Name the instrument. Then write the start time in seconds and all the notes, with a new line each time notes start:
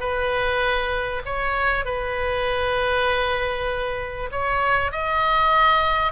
oboe
0.00 B4
1.25 C#5
1.85 B4
4.32 C#5
4.92 D#5